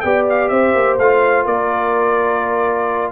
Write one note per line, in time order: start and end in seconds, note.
0.00 0.51 B3
0.00 1.00 G4
0.00 0.50 D5
0.00 0.24 G5
0.29 0.49 F5
0.49 0.74 C4
0.49 1.45 C5
0.49 0.96 E5
0.75 0.98 A#3
0.98 1.46 A3
0.98 3.12 F4
0.98 1.46 F5
1.45 3.12 A#3
1.45 3.12 A#4
1.45 3.12 D5